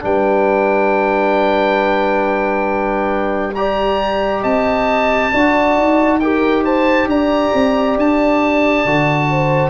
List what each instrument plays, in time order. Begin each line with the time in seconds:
0.00 tuba G3, trombone D4, horn B4, oboe G5
3.55 trombone G4, horn D5, oboe A#5
4.41 tuba C4, horn D#5, oboe A5
5.31 tuba D4, trombone F#4, horn D5
5.77 tuba D#4
6.19 trombone G4, horn A#4, oboe G5
6.64 horn C5, oboe A5
7.06 tuba D4, horn D5, oboe A#5
7.54 tuba C4
7.96 tuba D4, oboe A5
8.85 tuba D3, trombone F#4
9.29 horn C5